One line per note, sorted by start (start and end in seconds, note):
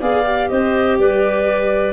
0.00 0.49 B3
0.00 0.24 G#4
0.00 0.48 D5
0.00 0.48 F5
0.24 1.92 G4
0.48 0.99 C4
0.48 0.98 C5
0.48 0.97 D#5
0.98 1.92 G3
0.98 1.92 B4
0.98 1.92 D5